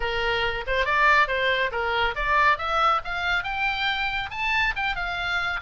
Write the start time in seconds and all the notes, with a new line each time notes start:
0.00 A#4
0.66 C5
0.85 D5
1.27 C5
1.71 A#4
2.15 D5
2.58 E5
3.04 F5
3.43 G5
4.30 A5
4.76 G5
4.95 F5